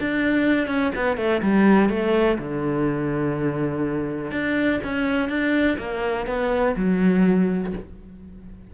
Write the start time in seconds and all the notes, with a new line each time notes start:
0.00 D4
0.67 C#4
0.95 B3
1.17 A3
1.42 G3
1.89 A3
2.38 D3
4.31 D4
4.84 C#4
5.29 D4
5.78 A#3
6.26 B3
6.76 F#3